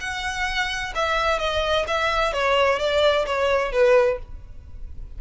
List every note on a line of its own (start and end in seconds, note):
0.00 0.93 F#5
0.95 1.39 E5
1.39 1.85 D#5
1.87 2.33 E5
2.33 2.79 C#5
2.79 3.25 D5
3.26 3.72 C#5
3.72 4.18 B4